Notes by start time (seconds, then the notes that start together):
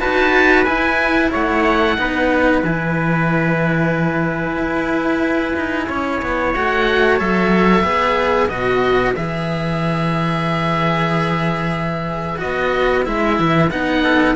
0.00 D#4 F#4 B4 A5
0.65 E4 G#5
1.31 A3 C#5 F#5
1.97 B3 D#4 B4
2.63 E3 E4 G#5
4.57 E4
5.56 D#4
5.88 C#4 C#5
6.22 B3
6.54 A3 F#4 F#5
7.18 F#3 A4 E5
7.83 B3 G#4 B4
8.48 B2 F#4 D#5
9.16 E3 G#4 E5
12.38 B3 F#4 D#5
13.04 G#3 E4 E5
13.39 E3
13.71 B3 D#4 F#5
14.03 A4